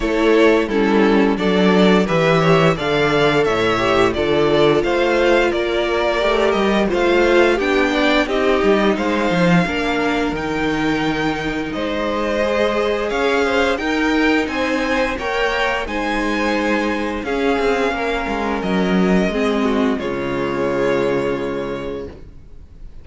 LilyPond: <<
  \new Staff \with { instrumentName = "violin" } { \time 4/4 \tempo 4 = 87 cis''4 a'4 d''4 e''4 | f''4 e''4 d''4 f''4 | d''4. dis''8 f''4 g''4 | dis''4 f''2 g''4~ |
g''4 dis''2 f''4 | g''4 gis''4 g''4 gis''4~ | gis''4 f''2 dis''4~ | dis''4 cis''2. | }
  \new Staff \with { instrumentName = "violin" } { \time 4/4 a'4 e'4 a'4 b'8 cis''8 | d''4 cis''4 a'4 c''4 | ais'2 c''4 g'8 d''8 | g'4 c''4 ais'2~ |
ais'4 c''2 cis''8 c''8 | ais'4 c''4 cis''4 c''4~ | c''4 gis'4 ais'2 | gis'8 fis'8 f'2. | }
  \new Staff \with { instrumentName = "viola" } { \time 4/4 e'4 cis'4 d'4 g'4 | a'4. g'8 f'2~ | f'4 g'4 f'4 d'4 | dis'2 d'4 dis'4~ |
dis'2 gis'2 | dis'2 ais'4 dis'4~ | dis'4 cis'2. | c'4 gis2. | }
  \new Staff \with { instrumentName = "cello" } { \time 4/4 a4 g4 fis4 e4 | d4 a,4 d4 a4 | ais4 a8 g8 a4 b4 | c'8 g8 gis8 f8 ais4 dis4~ |
dis4 gis2 cis'4 | dis'4 c'4 ais4 gis4~ | gis4 cis'8 c'8 ais8 gis8 fis4 | gis4 cis2. | }
>>